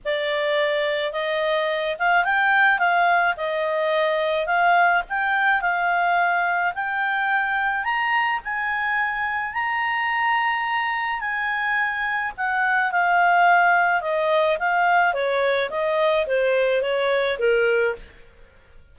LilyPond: \new Staff \with { instrumentName = "clarinet" } { \time 4/4 \tempo 4 = 107 d''2 dis''4. f''8 | g''4 f''4 dis''2 | f''4 g''4 f''2 | g''2 ais''4 gis''4~ |
gis''4 ais''2. | gis''2 fis''4 f''4~ | f''4 dis''4 f''4 cis''4 | dis''4 c''4 cis''4 ais'4 | }